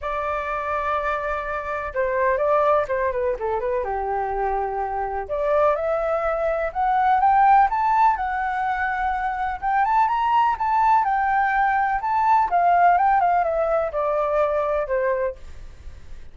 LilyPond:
\new Staff \with { instrumentName = "flute" } { \time 4/4 \tempo 4 = 125 d''1 | c''4 d''4 c''8 b'8 a'8 b'8 | g'2. d''4 | e''2 fis''4 g''4 |
a''4 fis''2. | g''8 a''8 ais''4 a''4 g''4~ | g''4 a''4 f''4 g''8 f''8 | e''4 d''2 c''4 | }